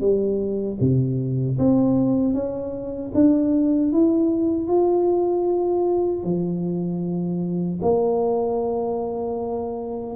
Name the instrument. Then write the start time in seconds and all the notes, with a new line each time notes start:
tuba
0.00 G3
0.80 C3
1.58 C4
2.34 C#4
3.14 D4
3.92 E4
4.68 F4
6.23 F3
7.82 A#3